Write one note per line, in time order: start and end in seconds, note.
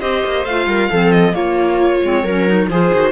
0.00 0.23 C4
0.00 0.46 G4
0.00 0.67 C5
0.00 0.45 D#5
0.26 0.45 A#3
0.45 0.66 A3
0.45 0.92 F4
0.45 1.11 F5
0.66 0.89 G3
0.66 0.90 A#4
0.90 1.35 F3
0.90 1.32 C4
0.90 1.34 A4
1.11 1.34 D#5
1.32 1.99 A#3
1.32 2.02 A#3
1.32 2.23 F4
1.32 2.68 C#5
2.02 2.24 G#3
2.02 2.27 C4
2.23 2.68 F#3
2.23 2.47 C#4
2.23 2.68 A#4
2.47 2.70 D#4
2.68 2.91 F3
2.68 2.94 F4
2.68 3.12 G#4
2.68 3.12 C5
2.93 3.12 D#3
2.93 3.12 F#4